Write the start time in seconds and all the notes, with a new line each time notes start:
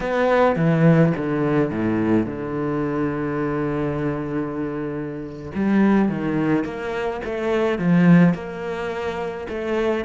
0.00 B3
0.56 E3
1.16 D3
1.70 A2
2.26 D3
5.54 G3
6.08 D#3
6.64 A#3
7.25 A3
7.78 F3
8.34 A#3
9.48 A3